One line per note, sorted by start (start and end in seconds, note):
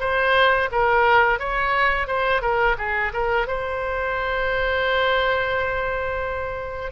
0.00 0.69 C5
0.71 1.39 A#4
1.39 2.07 C#5
2.07 2.42 C5
2.42 2.76 A#4
2.78 3.13 G#4
3.13 3.47 A#4
3.47 6.92 C5